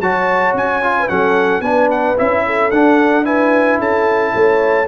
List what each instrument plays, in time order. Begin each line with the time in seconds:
0.00 tuba F#3, trombone F#4, horn C#5, trumpet A5
0.54 tuba C#4, trumpet G#5
0.83 trombone F4
0.99 horn B4
1.08 tuba F#3, trombone C#4, horn A4, trumpet F#5
1.60 tuba B3, trombone D4, horn B4, trumpet G#5
1.91 trumpet F#5
2.17 tuba C#4, trombone E4, trumpet E5
2.46 horn A4
2.71 tuba D4, trombone D4, trumpet F#5
3.24 trombone E4, horn B4, trumpet G#5
3.79 tuba C#4, horn A4, trumpet A5
4.34 tuba A3, horn C#5